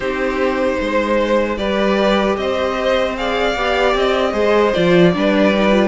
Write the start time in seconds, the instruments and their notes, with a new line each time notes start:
0.00 cello C4, viola D#4, violin G4 C5
0.80 cello G#3, violin C5
1.57 cello G3, viola G4, violin B4 D5
2.36 cello C4, violin C5 D#5
3.16 viola G#4, violin D5 F5
3.55 cello B3, viola G4
3.94 cello C4, violin D#5
4.32 cello G#3, viola G#4, violin C5
4.73 cello F3, viola F4, violin D5
5.13 cello G3, viola D4, violin B4
5.53 viola D#4
5.71 viola F4